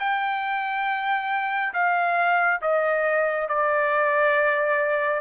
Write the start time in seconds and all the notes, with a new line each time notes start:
0.00 G5
1.74 F5
2.62 D#5
3.49 D5